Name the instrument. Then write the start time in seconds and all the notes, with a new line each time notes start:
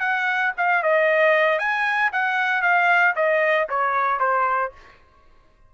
trumpet
0.00 F#5
0.57 F5
0.83 D#5
1.59 G#5
2.12 F#5
2.62 F5
3.16 D#5
3.69 C#5
4.20 C5